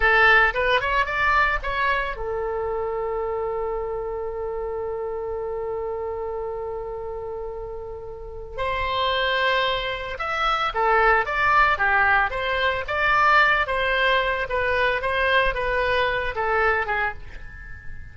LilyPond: \new Staff \with { instrumentName = "oboe" } { \time 4/4 \tempo 4 = 112 a'4 b'8 cis''8 d''4 cis''4 | a'1~ | a'1~ | a'1 |
c''2. e''4 | a'4 d''4 g'4 c''4 | d''4. c''4. b'4 | c''4 b'4. a'4 gis'8 | }